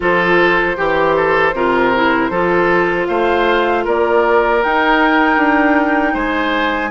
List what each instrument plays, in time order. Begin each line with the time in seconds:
0.00 bassoon F3, clarinet F4, oboe A4, flute C5
0.76 bassoon E3, clarinet G4, oboe G4
1.16 oboe A4
1.53 bassoon C3, clarinet F4, oboe A#4
1.94 clarinet E4
2.30 bassoon F3, clarinet F4, oboe A4
3.07 bassoon A3, oboe C5, flute F5
3.84 bassoon A#3, oboe A#4, flute D5
4.62 clarinet D#4, bassoon D#4, flute G5
5.36 bassoon D4
6.13 bassoon G#3, oboe C5, flute G#5